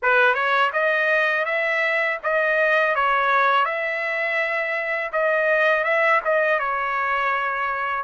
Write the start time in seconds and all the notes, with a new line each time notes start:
0.02 B4
0.34 C#5
0.73 D#5
1.45 E5
2.23 D#5
2.95 C#5
3.65 E5
5.12 D#5
5.84 E5
6.25 D#5
6.59 C#5